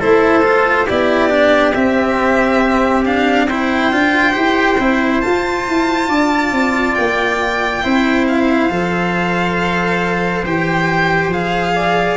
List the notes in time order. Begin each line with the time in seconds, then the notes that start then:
0.00 A3 E4 A4 C5
0.44 F4
0.87 B3 E4 G4 D5
1.30 D4
1.75 C4 E5
3.05 D4 F5
3.49 E4 C5 G5
3.93 D4 F4
4.33 E4 G4
4.79 C4 E4
5.21 F4 A5
5.68 E4
6.09 D4 D5
6.52 C4
6.95 A#3 G5
7.83 C4 E4 C5
8.28 F5
8.70 F3 A4
10.45 E3 G4 G5
11.28 F3 G#4 F5
11.76 D5